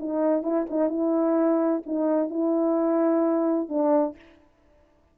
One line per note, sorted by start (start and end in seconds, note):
0.00 0.43 D#4
0.43 0.66 E4
0.70 0.90 D#4
0.90 1.83 E4
1.86 2.30 D#4
2.30 3.69 E4
3.69 4.16 D4